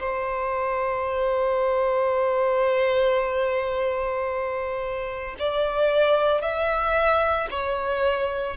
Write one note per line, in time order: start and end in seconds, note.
0.00 5.36 C5
5.39 6.42 D5
6.42 7.49 E5
7.50 8.57 C#5